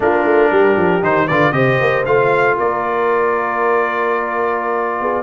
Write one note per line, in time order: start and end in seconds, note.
0.00 0.24 A#3
0.00 1.02 D4
0.00 0.50 F4
0.00 1.03 A#4
0.24 0.49 A3
0.50 0.76 G3
0.50 1.26 G4
0.76 1.01 F3
1.02 1.28 D#3
1.02 1.27 D#4
1.02 1.27 C5
1.26 1.51 D3
1.26 1.52 F4
1.26 1.52 B4
1.26 1.52 D5
1.51 1.77 C3
1.51 2.03 G4
1.51 2.57 C5
1.51 2.03 D#5
1.80 2.06 A#3
2.05 2.57 A3
2.05 5.22 F4
2.05 2.56 F5
2.57 5.00 A#3
2.57 5.00 A#4
2.57 5.22 D5
5.00 5.22 B3
5.00 5.22 G#4